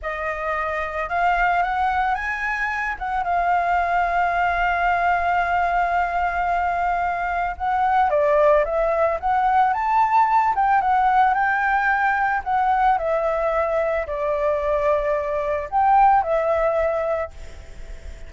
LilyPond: \new Staff \with { instrumentName = "flute" } { \time 4/4 \tempo 4 = 111 dis''2 f''4 fis''4 | gis''4. fis''8 f''2~ | f''1~ | f''2 fis''4 d''4 |
e''4 fis''4 a''4. g''8 | fis''4 g''2 fis''4 | e''2 d''2~ | d''4 g''4 e''2 | }